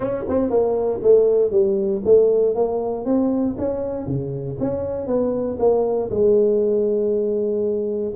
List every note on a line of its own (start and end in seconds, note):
0.00 0.24 C#4
0.28 0.49 C4
0.49 1.00 A#3
1.02 1.51 A3
1.51 2.02 G3
2.05 2.55 A3
2.55 3.05 A#3
3.05 3.56 C4
3.58 4.06 C#4
4.06 4.57 C#3
4.59 5.06 C#4
5.06 5.57 B3
5.59 6.10 A#3
6.10 8.14 G#3